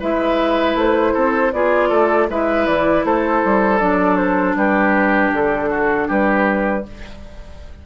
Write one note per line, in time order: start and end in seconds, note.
0.00 0.75 G#3
0.00 1.52 E4
0.00 1.14 B4
0.00 0.78 E5
0.75 1.13 A3
0.75 1.53 C5
1.14 1.53 C4
1.14 1.52 A4
1.53 1.91 B3
1.53 2.30 F4
1.53 1.89 G#4
1.53 2.29 D5
1.89 2.28 A3
1.89 2.27 A4
2.29 2.67 G#3
2.29 3.79 E4
2.29 3.06 B4
2.29 2.66 E5
2.66 3.05 E3
2.66 3.04 D5
3.05 3.43 A3
3.05 4.57 A4
3.05 3.79 C5
3.44 3.81 G3
3.79 4.55 F#3
3.79 6.83 D4
3.79 4.17 D5
4.17 4.55 C5
4.55 5.31 G3
4.55 5.70 G4
4.55 5.33 B4
5.33 6.09 D3
5.33 6.10 A4
5.70 6.08 F#4
6.08 6.85 G3
6.08 6.84 G4
6.08 6.86 B4